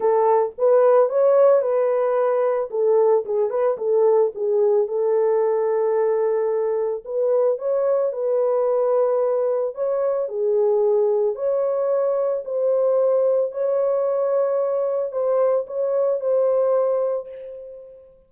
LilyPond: \new Staff \with { instrumentName = "horn" } { \time 4/4 \tempo 4 = 111 a'4 b'4 cis''4 b'4~ | b'4 a'4 gis'8 b'8 a'4 | gis'4 a'2.~ | a'4 b'4 cis''4 b'4~ |
b'2 cis''4 gis'4~ | gis'4 cis''2 c''4~ | c''4 cis''2. | c''4 cis''4 c''2 | }